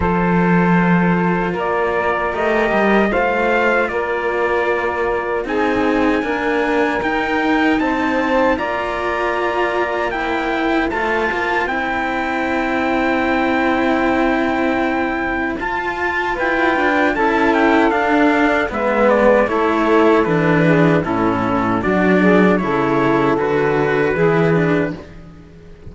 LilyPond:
<<
  \new Staff \with { instrumentName = "trumpet" } { \time 4/4 \tempo 4 = 77 c''2 d''4 dis''4 | f''4 d''2 gis''4~ | gis''4 g''4 a''4 ais''4~ | ais''4 g''4 a''4 g''4~ |
g''1 | a''4 g''4 a''8 g''8 f''4 | e''8 d''8 cis''4 b'4 a'4 | d''4 cis''4 b'2 | }
  \new Staff \with { instrumentName = "saxophone" } { \time 4/4 a'2 ais'2 | c''4 ais'2 gis'4 | ais'2 c''4 d''4~ | d''4 c''2.~ |
c''1~ | c''4 b'4 a'2 | b'4 a'4. gis'8 e'4 | fis'8 gis'8 a'2 gis'4 | }
  \new Staff \with { instrumentName = "cello" } { \time 4/4 f'2. g'4 | f'2. dis'4 | ais4 dis'2 f'4~ | f'4 e'4 f'4 e'4~ |
e'1 | f'2 e'4 d'4 | b4 e'4 d'4 cis'4 | d'4 e'4 fis'4 e'8 d'8 | }
  \new Staff \with { instrumentName = "cello" } { \time 4/4 f2 ais4 a8 g8 | a4 ais2 c'4 | d'4 dis'4 c'4 ais4~ | ais2 a8 ais8 c'4~ |
c'1 | f'4 e'8 d'8 cis'4 d'4 | gis4 a4 e4 a,4 | fis4 cis4 d4 e4 | }
>>